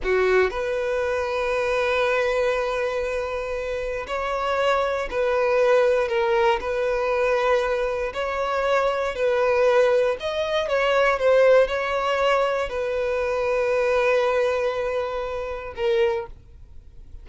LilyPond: \new Staff \with { instrumentName = "violin" } { \time 4/4 \tempo 4 = 118 fis'4 b'2.~ | b'1 | cis''2 b'2 | ais'4 b'2. |
cis''2 b'2 | dis''4 cis''4 c''4 cis''4~ | cis''4 b'2.~ | b'2. ais'4 | }